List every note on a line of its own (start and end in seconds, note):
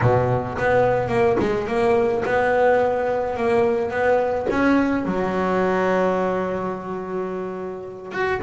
0.01 0.57 B2
0.58 1.08 B3
1.08 1.36 A#3
1.39 1.67 G#3
1.67 2.23 A#3
2.25 3.36 B3
3.36 3.90 A#3
3.90 4.46 B3
4.49 5.05 C#4
5.05 8.12 F#3
8.12 8.40 F#4